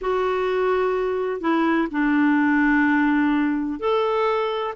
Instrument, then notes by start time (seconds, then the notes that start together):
clarinet
0.01 F#4
1.40 E4
1.91 D4
3.79 A4